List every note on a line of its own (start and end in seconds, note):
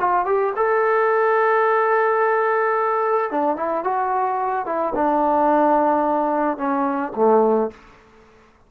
0.00 0.26 F4
0.26 0.53 G4
0.56 3.31 A4
3.31 3.56 D4
3.56 3.84 E4
3.84 4.66 F#4
4.66 4.94 E4
4.95 6.58 D4
6.58 7.13 C#4
7.16 7.71 A3